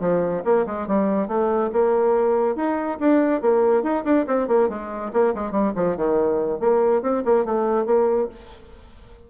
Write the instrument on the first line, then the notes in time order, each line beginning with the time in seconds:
bassoon
0.00 F3
0.45 A#3
0.66 G#3
0.88 G3
1.28 A3
1.73 A#3
2.56 D#4
3.00 D4
3.42 A#3
3.83 D#4
4.05 D4
4.27 C4
4.48 A#3
4.69 G#3
5.13 A#3
5.35 G#3
5.51 G3
5.76 F3
5.97 D#3
6.60 A#3
7.02 C4
7.25 A#3
7.45 A3
7.86 A#3